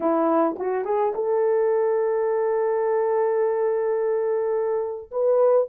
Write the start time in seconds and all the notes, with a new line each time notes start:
0.00 E4
0.58 F#4
0.84 G#4
1.14 A4
5.11 B4